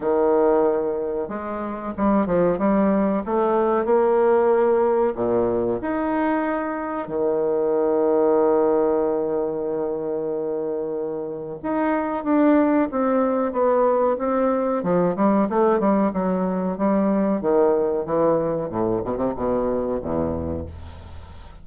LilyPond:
\new Staff \with { instrumentName = "bassoon" } { \time 4/4 \tempo 4 = 93 dis2 gis4 g8 f8 | g4 a4 ais2 | ais,4 dis'2 dis4~ | dis1~ |
dis2 dis'4 d'4 | c'4 b4 c'4 f8 g8 | a8 g8 fis4 g4 dis4 | e4 a,8 b,16 c16 b,4 e,4 | }